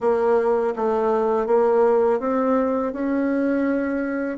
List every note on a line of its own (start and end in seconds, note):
0.00 0.74 A#3
0.75 1.46 A3
1.46 2.19 A#3
2.20 2.93 C4
2.93 4.37 C#4